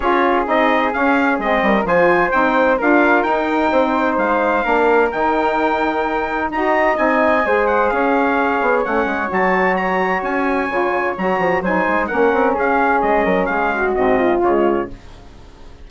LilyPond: <<
  \new Staff \with { instrumentName = "trumpet" } { \time 4/4 \tempo 4 = 129 cis''4 dis''4 f''4 dis''4 | gis''4 g''4 f''4 g''4~ | g''4 f''2 g''4~ | g''2 ais''4 gis''4~ |
gis''8 fis''8 f''2 fis''4 | a''4 ais''4 gis''2 | ais''4 gis''4 fis''4 f''4 | dis''4 f''4 dis''4 cis''4 | }
  \new Staff \with { instrumentName = "flute" } { \time 4/4 gis'2.~ gis'8 ais'8 | c''2 ais'2 | c''2 ais'2~ | ais'2 dis''2 |
c''4 cis''2.~ | cis''1~ | cis''4 c''4 ais'4 gis'4~ | gis'8 ais'8 gis'8 fis'4 f'4. | }
  \new Staff \with { instrumentName = "saxophone" } { \time 4/4 f'4 dis'4 cis'4 c'4 | f'4 dis'4 f'4 dis'4~ | dis'2 d'4 dis'4~ | dis'2 fis'4 dis'4 |
gis'2. cis'4 | fis'2. f'4 | fis'4 dis'4 cis'2~ | cis'2 c'4 gis4 | }
  \new Staff \with { instrumentName = "bassoon" } { \time 4/4 cis'4 c'4 cis'4 gis8 g8 | f4 c'4 d'4 dis'4 | c'4 gis4 ais4 dis4~ | dis2 dis'4 c'4 |
gis4 cis'4. b8 a8 gis8 | fis2 cis'4 cis4 | fis8 f8 fis8 gis8 ais8 c'8 cis'4 | gis8 fis8 gis4 gis,4 cis4 | }
>>